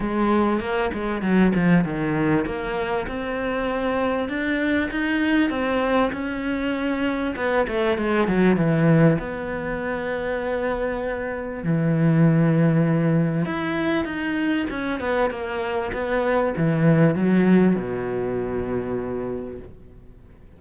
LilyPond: \new Staff \with { instrumentName = "cello" } { \time 4/4 \tempo 4 = 98 gis4 ais8 gis8 fis8 f8 dis4 | ais4 c'2 d'4 | dis'4 c'4 cis'2 | b8 a8 gis8 fis8 e4 b4~ |
b2. e4~ | e2 e'4 dis'4 | cis'8 b8 ais4 b4 e4 | fis4 b,2. | }